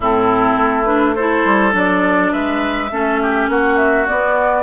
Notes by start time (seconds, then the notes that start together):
0.00 A2 C4 E4 A4
0.57 A3
0.84 D4 B4
1.15 E4 A4 C5
1.44 G3
1.72 F#3 D4 D5
2.32 G#3 B4 E5
2.91 A3 C#4 A4
3.22 G4
3.48 A#3 F#4 F#5
3.77 E5
4.07 B3 D5